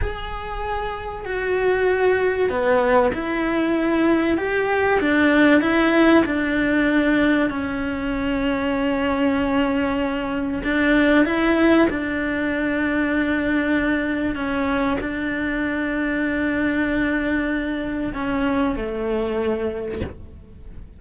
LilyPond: \new Staff \with { instrumentName = "cello" } { \time 4/4 \tempo 4 = 96 gis'2 fis'2 | b4 e'2 g'4 | d'4 e'4 d'2 | cis'1~ |
cis'4 d'4 e'4 d'4~ | d'2. cis'4 | d'1~ | d'4 cis'4 a2 | }